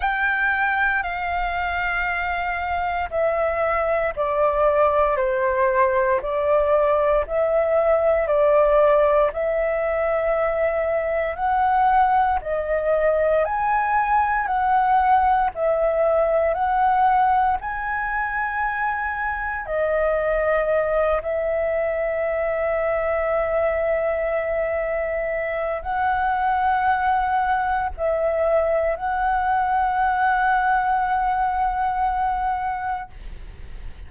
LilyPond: \new Staff \with { instrumentName = "flute" } { \time 4/4 \tempo 4 = 58 g''4 f''2 e''4 | d''4 c''4 d''4 e''4 | d''4 e''2 fis''4 | dis''4 gis''4 fis''4 e''4 |
fis''4 gis''2 dis''4~ | dis''8 e''2.~ e''8~ | e''4 fis''2 e''4 | fis''1 | }